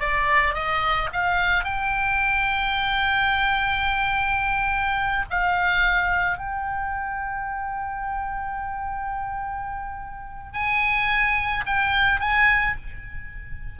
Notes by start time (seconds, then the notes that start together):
0.00 D5
0.54 D#5
1.13 F5
1.64 G5
5.30 F5
6.38 G5
10.53 G#5
11.66 G5
12.20 G#5